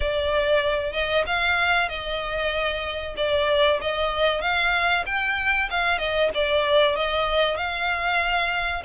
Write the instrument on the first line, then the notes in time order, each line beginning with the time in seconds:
violin
0.00 D5
0.92 D#5
1.26 F5
1.88 D#5
3.17 D5
3.81 D#5
4.41 F5
5.06 G5
5.70 F5
5.98 D#5
6.34 D5
6.96 D#5
7.56 F5